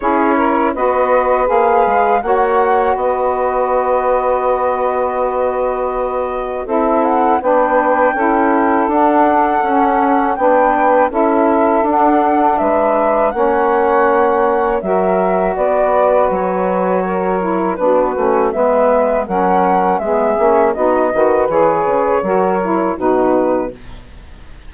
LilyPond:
<<
  \new Staff \with { instrumentName = "flute" } { \time 4/4 \tempo 4 = 81 cis''4 dis''4 f''4 fis''4 | dis''1~ | dis''4 e''8 fis''8 g''2 | fis''2 g''4 e''4 |
fis''4 e''4 fis''2 | e''4 d''4 cis''2 | b'4 e''4 fis''4 e''4 | dis''4 cis''2 b'4 | }
  \new Staff \with { instrumentName = "saxophone" } { \time 4/4 gis'8 ais'8 b'2 cis''4 | b'1~ | b'4 a'4 b'4 a'4~ | a'2 b'4 a'4~ |
a'4 b'4 cis''2 | ais'4 b'2 ais'4 | fis'4 b'4 ais'4 gis'4 | fis'8 b'4. ais'4 fis'4 | }
  \new Staff \with { instrumentName = "saxophone" } { \time 4/4 e'4 fis'4 gis'4 fis'4~ | fis'1~ | fis'4 e'4 d'4 e'4 | d'4 cis'4 d'4 e'4 |
d'2 cis'2 | fis'2.~ fis'8 e'8 | d'8 cis'8 b4 cis'4 b8 cis'8 | dis'8 fis'8 gis'4 fis'8 e'8 dis'4 | }
  \new Staff \with { instrumentName = "bassoon" } { \time 4/4 cis'4 b4 ais8 gis8 ais4 | b1~ | b4 c'4 b4 cis'4 | d'4 cis'4 b4 cis'4 |
d'4 gis4 ais2 | fis4 b4 fis2 | b8 a8 gis4 fis4 gis8 ais8 | b8 dis8 e8 cis8 fis4 b,4 | }
>>